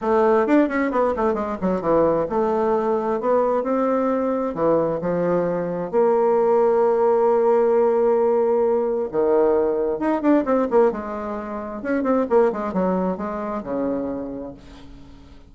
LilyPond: \new Staff \with { instrumentName = "bassoon" } { \time 4/4 \tempo 4 = 132 a4 d'8 cis'8 b8 a8 gis8 fis8 | e4 a2 b4 | c'2 e4 f4~ | f4 ais2.~ |
ais1 | dis2 dis'8 d'8 c'8 ais8 | gis2 cis'8 c'8 ais8 gis8 | fis4 gis4 cis2 | }